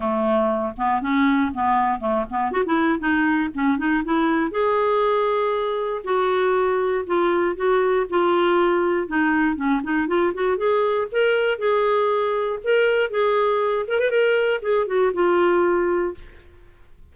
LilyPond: \new Staff \with { instrumentName = "clarinet" } { \time 4/4 \tempo 4 = 119 a4. b8 cis'4 b4 | a8 b8 fis'16 e'8. dis'4 cis'8 dis'8 | e'4 gis'2. | fis'2 f'4 fis'4 |
f'2 dis'4 cis'8 dis'8 | f'8 fis'8 gis'4 ais'4 gis'4~ | gis'4 ais'4 gis'4. ais'16 b'16 | ais'4 gis'8 fis'8 f'2 | }